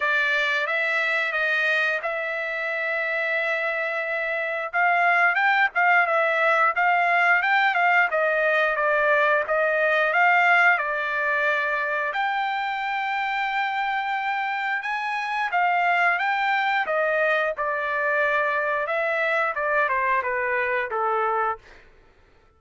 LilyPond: \new Staff \with { instrumentName = "trumpet" } { \time 4/4 \tempo 4 = 89 d''4 e''4 dis''4 e''4~ | e''2. f''4 | g''8 f''8 e''4 f''4 g''8 f''8 | dis''4 d''4 dis''4 f''4 |
d''2 g''2~ | g''2 gis''4 f''4 | g''4 dis''4 d''2 | e''4 d''8 c''8 b'4 a'4 | }